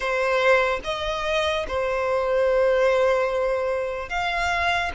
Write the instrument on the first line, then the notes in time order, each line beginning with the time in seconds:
violin
0.00 C5
0.84 D#5
1.67 C5
4.09 F5